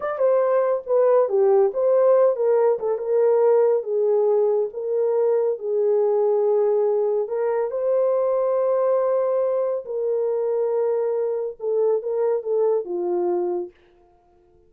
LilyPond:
\new Staff \with { instrumentName = "horn" } { \time 4/4 \tempo 4 = 140 d''8 c''4. b'4 g'4 | c''4. ais'4 a'8 ais'4~ | ais'4 gis'2 ais'4~ | ais'4 gis'2.~ |
gis'4 ais'4 c''2~ | c''2. ais'4~ | ais'2. a'4 | ais'4 a'4 f'2 | }